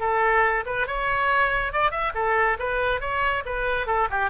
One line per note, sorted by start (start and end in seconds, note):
0.00 0.64 A4
0.66 0.87 B4
0.87 1.73 C#5
1.73 1.91 D5
1.91 2.13 E5
2.15 2.58 A4
2.59 3.01 B4
3.01 3.43 C#5
3.45 3.87 B4
3.87 4.08 A4
4.10 4.30 G4